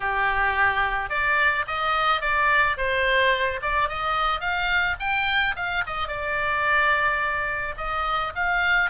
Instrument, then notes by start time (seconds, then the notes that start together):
oboe
0.00 G4
1.09 D5
1.67 D#5
2.21 D5
2.77 C5
3.62 D5
3.88 D#5
4.40 F5
4.99 G5
5.56 F5
5.86 D#5
6.08 D5
7.77 D#5
8.35 F5